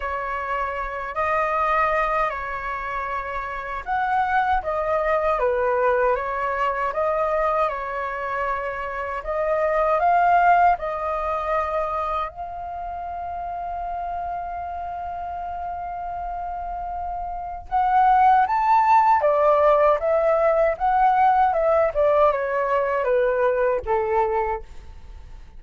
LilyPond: \new Staff \with { instrumentName = "flute" } { \time 4/4 \tempo 4 = 78 cis''4. dis''4. cis''4~ | cis''4 fis''4 dis''4 b'4 | cis''4 dis''4 cis''2 | dis''4 f''4 dis''2 |
f''1~ | f''2. fis''4 | a''4 d''4 e''4 fis''4 | e''8 d''8 cis''4 b'4 a'4 | }